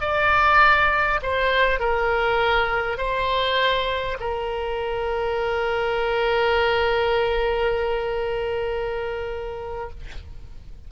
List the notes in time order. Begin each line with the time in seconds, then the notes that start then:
0.00 D5
1.22 C5
1.79 A#4
2.97 C5
4.19 A#4